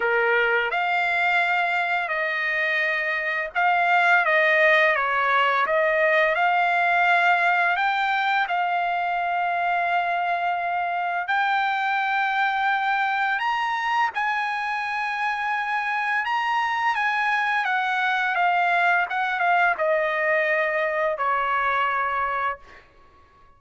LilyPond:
\new Staff \with { instrumentName = "trumpet" } { \time 4/4 \tempo 4 = 85 ais'4 f''2 dis''4~ | dis''4 f''4 dis''4 cis''4 | dis''4 f''2 g''4 | f''1 |
g''2. ais''4 | gis''2. ais''4 | gis''4 fis''4 f''4 fis''8 f''8 | dis''2 cis''2 | }